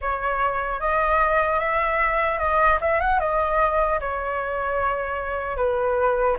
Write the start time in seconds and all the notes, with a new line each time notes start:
0.01 C#5
0.80 D#5
1.59 E5
2.38 D#5
2.80 E5
3.00 F#5
3.19 D#5
4.00 C#5
5.56 B4